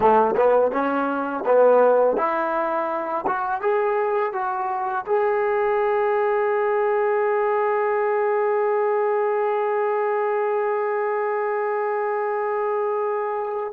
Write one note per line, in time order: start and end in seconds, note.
0.00 0.35 A3
0.36 0.71 B3
0.71 1.44 C#4
1.45 2.16 B3
2.16 3.25 E4
3.27 3.61 F#4
3.61 4.32 G#4
4.32 5.05 F#4
5.06 13.73 G#4